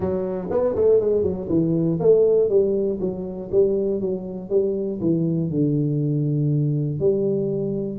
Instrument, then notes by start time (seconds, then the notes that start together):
tuba
0.00 F#3
0.50 B3
0.75 A3
1.00 G#3
1.22 F#3
1.49 E3
2.00 A3
2.49 G3
3.00 F#3
3.51 G3
4.00 F#3
4.49 G3
5.00 E3
5.50 D3
6.99 G3